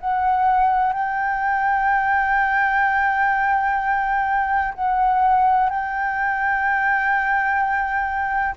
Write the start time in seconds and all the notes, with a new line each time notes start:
0.00 F#5
0.93 G5
4.74 F#5
5.70 G5